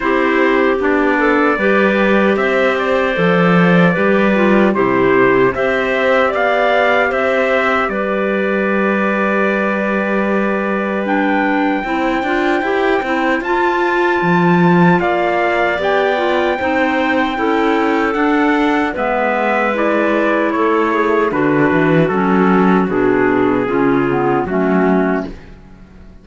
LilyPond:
<<
  \new Staff \with { instrumentName = "trumpet" } { \time 4/4 \tempo 4 = 76 c''4 d''2 e''8 d''8~ | d''2 c''4 e''4 | f''4 e''4 d''2~ | d''2 g''2~ |
g''4 a''2 f''4 | g''2. fis''4 | e''4 d''4 cis''4 b'4 | a'4 gis'2 fis'4 | }
  \new Staff \with { instrumentName = "clarinet" } { \time 4/4 g'4. a'8 b'4 c''4~ | c''4 b'4 g'4 c''4 | d''4 c''4 b'2~ | b'2. c''4~ |
c''2. d''4~ | d''4 c''4 a'2 | b'2 a'8 gis'8 fis'4~ | fis'2 f'4 cis'4 | }
  \new Staff \with { instrumentName = "clarinet" } { \time 4/4 e'4 d'4 g'2 | a'4 g'8 f'8 e'4 g'4~ | g'1~ | g'2 d'4 e'8 f'8 |
g'8 e'8 f'2. | g'8 f'8 dis'4 e'4 d'4 | b4 e'2 d'4 | cis'4 d'4 cis'8 b8 a4 | }
  \new Staff \with { instrumentName = "cello" } { \time 4/4 c'4 b4 g4 c'4 | f4 g4 c4 c'4 | b4 c'4 g2~ | g2. c'8 d'8 |
e'8 c'8 f'4 f4 ais4 | b4 c'4 cis'4 d'4 | gis2 a4 d8 e8 | fis4 b,4 cis4 fis4 | }
>>